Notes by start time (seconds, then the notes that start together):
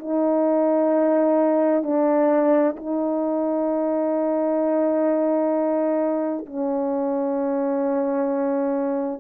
0.00 D#4
1.83 D4
2.77 D#4
6.46 C#4